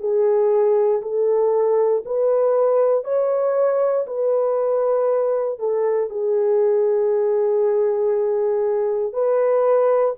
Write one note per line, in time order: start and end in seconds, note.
0.00 1.02 G#4
1.02 2.04 A4
2.06 3.04 B4
3.04 4.06 C#5
4.07 5.59 B4
5.59 6.10 A4
6.10 9.13 G#4
9.13 10.15 B4